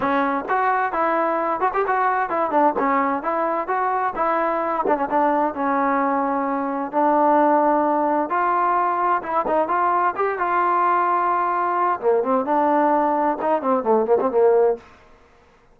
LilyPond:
\new Staff \with { instrumentName = "trombone" } { \time 4/4 \tempo 4 = 130 cis'4 fis'4 e'4. fis'16 g'16 | fis'4 e'8 d'8 cis'4 e'4 | fis'4 e'4. d'16 cis'16 d'4 | cis'2. d'4~ |
d'2 f'2 | e'8 dis'8 f'4 g'8 f'4.~ | f'2 ais8 c'8 d'4~ | d'4 dis'8 c'8 a8 ais16 c'16 ais4 | }